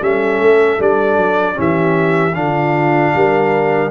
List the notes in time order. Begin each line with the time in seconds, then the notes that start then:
0.00 G3 C#4 A4 E5
0.40 A3
0.79 G3 D4 D5
1.17 F#3
1.54 E3 C#4 G4
1.61 E5
2.35 D3 D4 F4 F5
3.15 G3 A#4